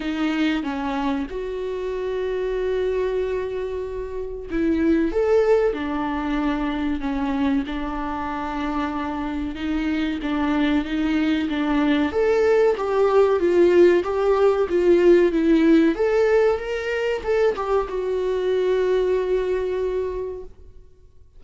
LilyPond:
\new Staff \with { instrumentName = "viola" } { \time 4/4 \tempo 4 = 94 dis'4 cis'4 fis'2~ | fis'2. e'4 | a'4 d'2 cis'4 | d'2. dis'4 |
d'4 dis'4 d'4 a'4 | g'4 f'4 g'4 f'4 | e'4 a'4 ais'4 a'8 g'8 | fis'1 | }